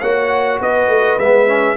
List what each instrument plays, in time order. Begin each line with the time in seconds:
0.00 tuba A#3, trombone F#4, horn C#5, trumpet F#5
0.61 tuba B3, horn B4, trumpet D#5
0.88 tuba A3
1.18 tuba G#3, trombone B3, trumpet E5
1.47 trombone C#4